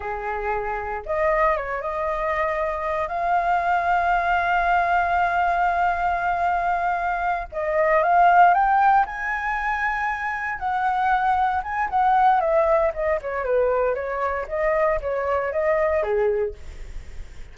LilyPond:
\new Staff \with { instrumentName = "flute" } { \time 4/4 \tempo 4 = 116 gis'2 dis''4 cis''8 dis''8~ | dis''2 f''2~ | f''1~ | f''2~ f''8 dis''4 f''8~ |
f''8 g''4 gis''2~ gis''8~ | gis''8 fis''2 gis''8 fis''4 | e''4 dis''8 cis''8 b'4 cis''4 | dis''4 cis''4 dis''4 gis'4 | }